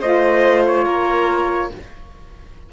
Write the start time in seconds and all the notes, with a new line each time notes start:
0.00 A3 F4 C5 D#5
0.67 C#5
0.84 A#3 A#4